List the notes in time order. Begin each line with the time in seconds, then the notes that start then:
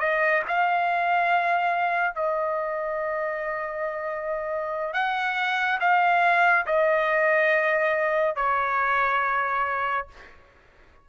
0.00 D#5
0.48 F5
2.15 D#5
4.94 F#5
5.80 F5
6.66 D#5
8.36 C#5